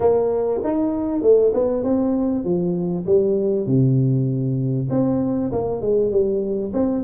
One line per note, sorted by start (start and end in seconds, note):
0.00 0.60 A#3
0.63 1.22 D#4
1.22 1.52 A3
1.54 1.83 B3
1.83 2.44 C4
2.44 3.05 F3
3.06 3.66 G3
3.66 4.88 C3
4.90 5.51 C4
5.51 5.81 A#3
5.81 6.11 G#3
6.11 6.72 G3
6.73 7.04 C4